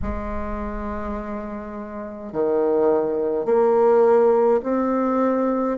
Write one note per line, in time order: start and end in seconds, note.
0.02 2.32 G#3
2.32 3.45 D#3
3.45 4.60 A#3
4.63 5.77 C4